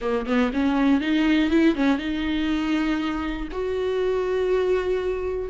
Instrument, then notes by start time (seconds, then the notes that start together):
viola
0.01 A#3
0.26 B3
0.53 C#4
1.00 D#4
1.50 E4
1.75 C#4
1.98 D#4
3.51 F#4